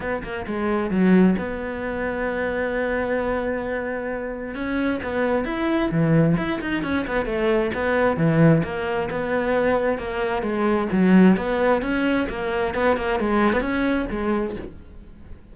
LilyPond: \new Staff \with { instrumentName = "cello" } { \time 4/4 \tempo 4 = 132 b8 ais8 gis4 fis4 b4~ | b1~ | b2 cis'4 b4 | e'4 e4 e'8 dis'8 cis'8 b8 |
a4 b4 e4 ais4 | b2 ais4 gis4 | fis4 b4 cis'4 ais4 | b8 ais8 gis8. b16 cis'4 gis4 | }